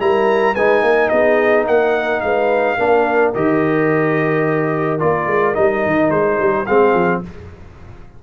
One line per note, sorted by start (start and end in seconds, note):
0.00 0.56 G3
0.00 0.56 E4
0.00 0.55 A#4
0.00 0.56 A#5
0.55 0.83 G#3
0.55 2.78 D#4
0.55 0.82 B4
0.55 1.09 G#5
0.82 1.10 A#3
0.82 1.10 A#4
1.09 1.67 B3
1.09 1.67 G#4
1.09 1.65 D#5
1.67 2.23 A#3
1.67 2.23 A#4
1.67 2.21 F#5
2.21 2.79 G#3
2.21 2.78 B4
2.21 3.32 F5
2.78 3.35 A#3
2.78 3.34 D4
2.78 6.66 A#4
3.35 5.02 D#3
3.35 5.00 G4
3.35 5.00 D#5
5.00 5.27 A#3
5.00 5.55 F4
5.00 5.55 D5
5.27 5.55 G#3
5.55 5.86 G3
5.55 6.66 D#4
5.55 6.11 D#5
5.86 6.10 D#3
6.10 6.38 G#3
6.10 6.66 C5
6.39 6.67 G3
6.66 6.94 G#3
6.66 7.23 C4
6.66 7.22 G#4
6.66 7.22 F5
6.94 7.22 F3